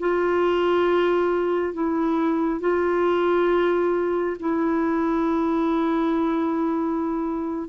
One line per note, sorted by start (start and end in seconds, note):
0.00 1.74 F4
1.74 2.61 E4
2.61 4.37 F4
4.40 7.69 E4